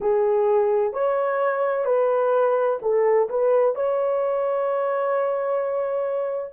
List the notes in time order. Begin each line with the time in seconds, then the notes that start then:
0.00 G#4
0.93 C#5
1.85 B4
2.82 A4
3.29 B4
3.75 C#5